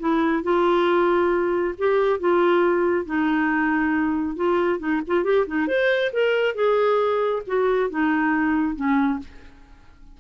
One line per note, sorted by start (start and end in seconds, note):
0.00 0.44 E4
0.44 1.75 F4
1.78 2.20 G4
2.20 3.06 F4
3.06 4.37 D#4
4.37 4.80 F4
4.80 5.02 D#4
5.08 5.25 F4
5.25 5.46 G4
5.47 5.68 D#4
5.68 6.12 C5
6.13 6.55 A#4
6.55 7.43 G#4
7.47 7.91 F#4
7.91 8.76 D#4
8.76 9.20 C#4